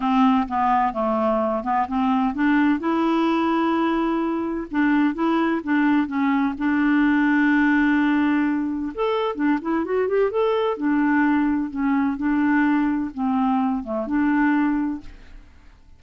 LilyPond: \new Staff \with { instrumentName = "clarinet" } { \time 4/4 \tempo 4 = 128 c'4 b4 a4. b8 | c'4 d'4 e'2~ | e'2 d'4 e'4 | d'4 cis'4 d'2~ |
d'2. a'4 | d'8 e'8 fis'8 g'8 a'4 d'4~ | d'4 cis'4 d'2 | c'4. a8 d'2 | }